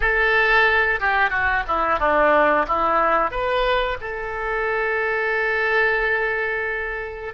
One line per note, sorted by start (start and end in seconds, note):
0.00 1.00 A4
1.00 1.30 G4
1.30 1.63 F#4
1.67 1.99 E4
1.99 2.65 D4
2.67 3.31 E4
3.31 3.97 B4
4.00 7.33 A4